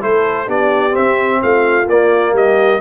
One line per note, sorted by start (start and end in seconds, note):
0.00 0.48 A3
0.00 0.47 E4
0.00 0.46 A4
0.00 0.49 C5
0.46 0.94 B3
0.46 0.90 D4
0.46 1.39 G4
0.46 0.95 D5
0.90 1.83 C4
0.90 1.42 C4
0.90 1.41 E5
1.42 1.86 A3
1.42 2.33 F4
1.42 1.88 F5
1.86 2.32 A#3
1.86 2.81 A#3
1.86 2.35 D5
2.32 2.79 G3
2.32 2.80 G4
2.32 2.81 D#5